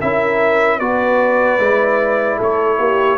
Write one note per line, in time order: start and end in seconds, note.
0.00 0.80 C#4
0.00 0.81 E4
0.00 0.79 A#4
0.00 0.80 E5
0.79 1.59 B3
0.79 1.60 F#4
0.79 2.38 B4
0.79 2.40 D5
1.59 2.39 G#3
1.59 3.18 E4
2.38 2.79 A3
2.38 2.78 A4
2.38 3.18 C#5
2.79 3.18 A#3
2.79 3.18 G4